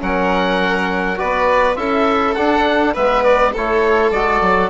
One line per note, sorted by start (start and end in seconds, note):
0.00 1.19 F#3
0.00 1.17 C#4
0.00 1.18 A#4
0.00 1.19 F#5
1.17 1.77 B3
1.17 1.75 F#4
1.17 1.77 B4
1.17 1.76 D5
1.75 2.35 C#4
1.75 2.34 E4
1.75 2.93 A4
1.75 2.34 E5
2.34 2.95 D4
2.34 2.96 D4
2.34 2.93 F#5
2.93 3.55 G#3
2.93 3.54 B3
2.93 3.52 B4
2.93 3.23 E5
3.23 3.53 D5
3.52 4.11 A3
3.52 4.14 E4
3.52 4.70 A4
3.52 4.11 C#5
4.11 4.40 G#3
4.11 4.70 F#4
4.11 4.70 D5
4.41 4.70 F#3